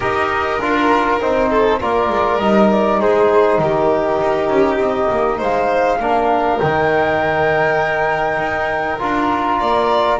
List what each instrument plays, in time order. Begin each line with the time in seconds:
0.00 double bass D#4, trombone G4, violin A#4, flute D#5
0.59 double bass D4, trombone F4, flute A#4
1.20 double bass C4, trombone D#4, flute C5
1.49 violin A4
1.80 double bass A#3, trombone F4, violin A#4, flute D5
2.09 double bass G#3
2.39 double bass G3, trombone D#4, flute D#5
2.71 flute D5
2.99 double bass G#3, violin G#4, flute C5
3.58 double bass D#3, violin G4, flute A#4
4.21 double bass D#4
4.49 double bass C#4
4.77 double bass C4, flute D#5
5.10 double bass A#3
5.38 double bass G#3, violin C5, flute F5
5.99 double bass A#3, trombone D4, violin A#4
6.58 double bass D#3, trombone D#4, flute G5
8.37 double bass D#4
8.99 double bass D4, trombone F4, flute A#5
9.59 double bass A#3, violin D5